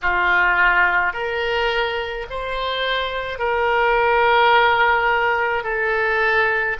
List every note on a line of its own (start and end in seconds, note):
0.02 1.13 F4
1.13 2.26 A#4
2.30 3.39 C5
3.39 5.63 A#4
5.63 6.76 A4